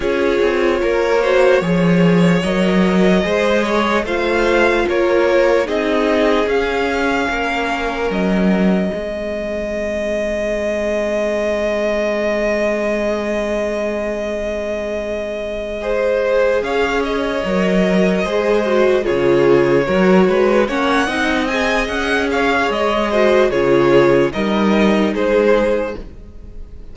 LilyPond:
<<
  \new Staff \with { instrumentName = "violin" } { \time 4/4 \tempo 4 = 74 cis''2. dis''4~ | dis''4 f''4 cis''4 dis''4 | f''2 dis''2~ | dis''1~ |
dis''1~ | dis''8 f''8 dis''2~ dis''8 cis''8~ | cis''4. fis''4 gis''8 fis''8 f''8 | dis''4 cis''4 dis''4 c''4 | }
  \new Staff \with { instrumentName = "violin" } { \time 4/4 gis'4 ais'8 c''8 cis''2 | c''8 cis''8 c''4 ais'4 gis'4~ | gis'4 ais'2 gis'4~ | gis'1~ |
gis'2.~ gis'8 c''8~ | c''8 cis''2 c''4 gis'8~ | gis'8 ais'8 b'8 cis''8 dis''4. cis''8~ | cis''8 c''8 gis'4 ais'4 gis'4 | }
  \new Staff \with { instrumentName = "viola" } { \time 4/4 f'4. fis'8 gis'4 ais'4 | gis'4 f'2 dis'4 | cis'2. c'4~ | c'1~ |
c'2.~ c'8 gis'8~ | gis'4. ais'4 gis'8 fis'8 f'8~ | f'8 fis'4 cis'8 dis'8 gis'4.~ | gis'8 fis'8 f'4 dis'2 | }
  \new Staff \with { instrumentName = "cello" } { \time 4/4 cis'8 c'8 ais4 f4 fis4 | gis4 a4 ais4 c'4 | cis'4 ais4 fis4 gis4~ | gis1~ |
gis1~ | gis8 cis'4 fis4 gis4 cis8~ | cis8 fis8 gis8 ais8 c'4 cis'4 | gis4 cis4 g4 gis4 | }
>>